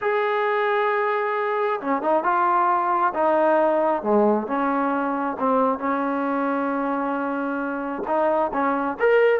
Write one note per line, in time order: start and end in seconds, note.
0.01 1.80 G#4
1.80 2.01 C#4
2.01 2.23 D#4
2.23 3.13 F4
3.14 4.02 D#4
4.02 4.47 G#3
4.47 5.36 C#4
5.39 5.78 C4
5.78 8.02 C#4
8.07 8.51 D#4
8.53 8.97 C#4
8.99 9.39 A#4